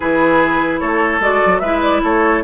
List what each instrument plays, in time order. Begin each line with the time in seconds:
0.00 bassoon E3, clarinet E4, oboe G#4, flute B4
0.79 bassoon A3, oboe A4, flute C#5
1.20 bassoon G#3, clarinet F#4, flute D5
1.45 bassoon F#3
1.59 bassoon G#3, clarinet E4, oboe B4, flute E5
1.81 flute D5
2.03 bassoon A3, oboe A4, flute C#5